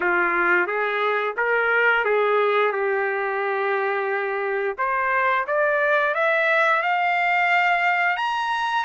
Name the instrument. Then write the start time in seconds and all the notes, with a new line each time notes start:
trumpet
0.00 F4
0.66 G#4
1.36 A#4
2.05 G#4
2.71 G4
4.78 C5
5.47 D5
6.14 E5
6.82 F5
8.16 A#5